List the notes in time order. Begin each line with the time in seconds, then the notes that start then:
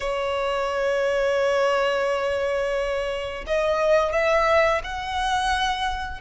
0.00 C#5
3.46 D#5
4.12 E5
4.83 F#5